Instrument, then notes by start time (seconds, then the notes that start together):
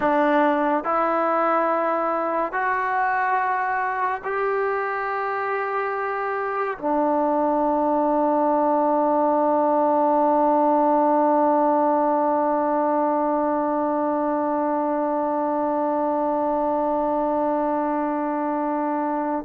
trombone
0.00 D4
0.84 E4
2.52 F#4
4.24 G4
6.78 D4